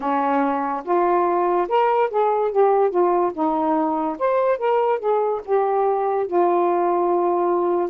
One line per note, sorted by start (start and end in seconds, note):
0.00 0.83 C#4
0.84 1.68 F4
1.68 2.09 A#4
2.10 2.51 G#4
2.51 2.90 G4
2.90 3.31 F4
3.33 4.17 D#4
4.18 4.58 C5
4.58 4.99 A#4
4.99 5.41 G#4
5.45 6.27 G4
6.27 7.89 F4